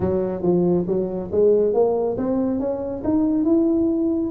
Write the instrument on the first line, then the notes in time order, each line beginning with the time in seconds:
tuba
0.00 F#3
0.42 F3
0.87 F#3
1.31 G#3
1.73 A#3
2.17 C4
2.59 C#4
3.04 D#4
3.44 E4